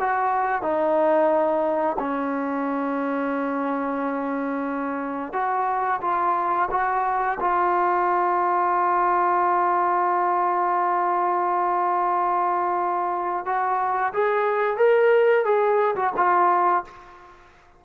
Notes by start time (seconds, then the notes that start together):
0.00 F#4
0.62 D#4
1.99 C#4
5.33 F#4
6.02 F4
6.71 F#4
7.40 F4
13.46 F#4
14.14 G#4
14.78 A#4
15.45 G#4
15.96 F#4
16.17 F4